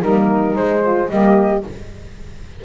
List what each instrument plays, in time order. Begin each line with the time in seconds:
0.00 double bass G3, saxophone A#3 D#4, flute A#4
0.54 saxophone G#3, double bass G#3, flute C5
0.82 saxophone F4
1.09 double bass G3, saxophone A#3 G4, flute D#5